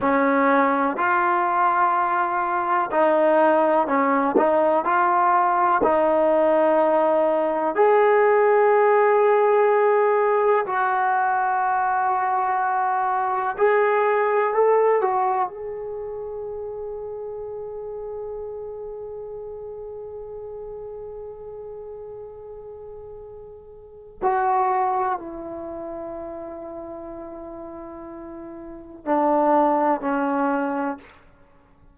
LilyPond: \new Staff \with { instrumentName = "trombone" } { \time 4/4 \tempo 4 = 62 cis'4 f'2 dis'4 | cis'8 dis'8 f'4 dis'2 | gis'2. fis'4~ | fis'2 gis'4 a'8 fis'8 |
gis'1~ | gis'1~ | gis'4 fis'4 e'2~ | e'2 d'4 cis'4 | }